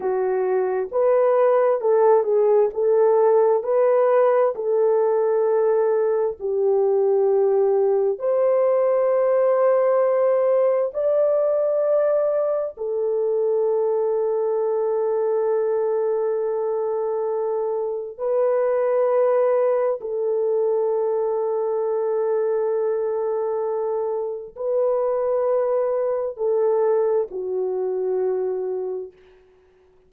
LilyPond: \new Staff \with { instrumentName = "horn" } { \time 4/4 \tempo 4 = 66 fis'4 b'4 a'8 gis'8 a'4 | b'4 a'2 g'4~ | g'4 c''2. | d''2 a'2~ |
a'1 | b'2 a'2~ | a'2. b'4~ | b'4 a'4 fis'2 | }